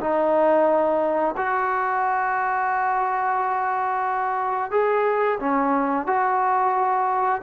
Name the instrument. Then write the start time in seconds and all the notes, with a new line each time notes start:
trombone
0.00 D#4
1.37 F#4
4.71 G#4
5.39 C#4
6.06 F#4